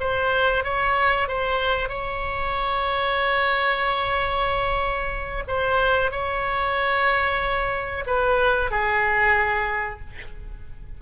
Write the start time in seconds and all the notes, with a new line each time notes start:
0.00 C5
0.64 C#5
1.28 C5
1.89 C#5
5.48 C5
6.11 C#5
8.06 B4
8.71 G#4